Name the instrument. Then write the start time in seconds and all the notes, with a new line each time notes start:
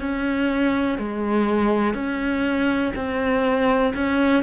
cello
0.00 C#4
0.98 G#3
1.94 C#4
2.96 C4
3.94 C#4